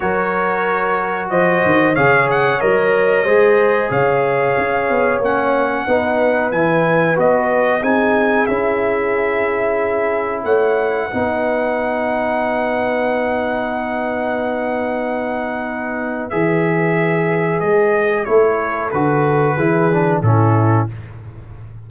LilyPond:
<<
  \new Staff \with { instrumentName = "trumpet" } { \time 4/4 \tempo 4 = 92 cis''2 dis''4 f''8 fis''8 | dis''2 f''2 | fis''2 gis''4 dis''4 | gis''4 e''2. |
fis''1~ | fis''1~ | fis''4 e''2 dis''4 | cis''4 b'2 a'4 | }
  \new Staff \with { instrumentName = "horn" } { \time 4/4 ais'2 c''4 cis''4~ | cis''4 c''4 cis''2~ | cis''4 b'2. | gis'1 |
cis''4 b'2.~ | b'1~ | b'1 | a'2 gis'4 e'4 | }
  \new Staff \with { instrumentName = "trombone" } { \time 4/4 fis'2. gis'4 | ais'4 gis'2. | cis'4 dis'4 e'4 fis'4 | dis'4 e'2.~ |
e'4 dis'2.~ | dis'1~ | dis'4 gis'2. | e'4 fis'4 e'8 d'8 cis'4 | }
  \new Staff \with { instrumentName = "tuba" } { \time 4/4 fis2 f8 dis8 cis4 | fis4 gis4 cis4 cis'8 b8 | ais4 b4 e4 b4 | c'4 cis'2. |
a4 b2.~ | b1~ | b4 e2 gis4 | a4 d4 e4 a,4 | }
>>